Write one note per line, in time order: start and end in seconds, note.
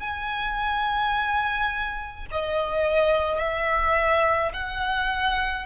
0.00 2.26 G#5
2.32 3.39 D#5
3.39 4.52 E5
4.54 5.66 F#5